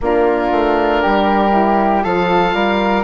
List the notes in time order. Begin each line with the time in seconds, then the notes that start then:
0.01 A#3 D4 F4 A#4
0.51 A3
1.02 G3 G4
1.51 E4
2.02 F3 F4 A4 F5
2.53 G3 A#4